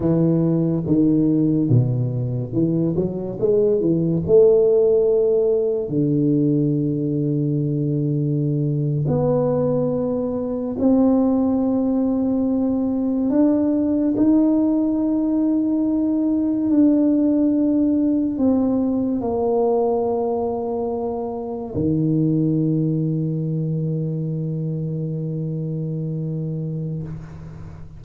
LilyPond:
\new Staff \with { instrumentName = "tuba" } { \time 4/4 \tempo 4 = 71 e4 dis4 b,4 e8 fis8 | gis8 e8 a2 d4~ | d2~ d8. b4~ b16~ | b8. c'2. d'16~ |
d'8. dis'2. d'16~ | d'4.~ d'16 c'4 ais4~ ais16~ | ais4.~ ais16 dis2~ dis16~ | dis1 | }